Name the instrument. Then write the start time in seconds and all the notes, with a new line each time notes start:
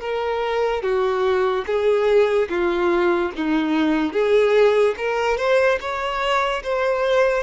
violin
0.00 A#4
0.83 F#4
1.66 G#4
2.49 F4
3.36 D#4
4.12 G#4
4.97 A#4
5.37 C5
5.81 C#5
6.63 C5